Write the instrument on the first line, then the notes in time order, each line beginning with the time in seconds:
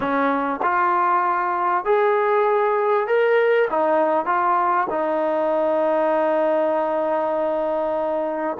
trombone
0.00 C#4
0.62 F4
1.84 G#4
3.07 A#4
3.70 D#4
4.26 F4
4.90 D#4